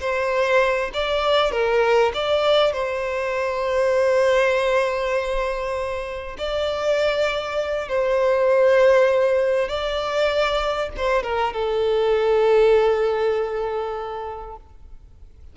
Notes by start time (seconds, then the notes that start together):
0.00 C5
0.94 D5
1.52 A#4
2.14 D5
2.73 C5
6.38 D5
7.88 C5
9.69 D5
10.97 C5
11.23 A#4
11.53 A4